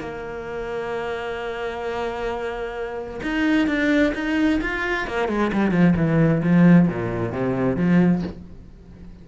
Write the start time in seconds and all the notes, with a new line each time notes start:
0.00 A#3
3.23 D#4
3.67 D4
4.15 D#4
4.62 F4
5.08 A#3
5.29 G#3
5.53 G3
5.71 F3
5.97 E3
6.43 F3
6.89 A#2
7.33 C3
7.77 F3